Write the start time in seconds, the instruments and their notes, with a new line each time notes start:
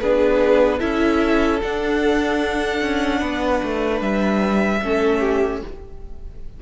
0.00 cello B3, viola D4, violin G#4 B4
0.79 cello C#4, viola E4, violin A4 E5
1.62 viola D4, cello D4, violin F#5
2.82 cello C#4
3.20 cello B3, violin B4
3.63 cello A3
4.01 cello G3, violin E5
4.82 cello A3, viola C#4, violin A4
5.20 violin G4